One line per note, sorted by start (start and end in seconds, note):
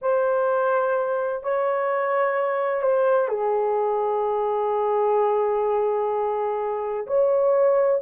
0.01 1.43 C5
1.43 2.82 C#5
2.82 3.28 C5
3.28 7.06 G#4
7.07 8.01 C#5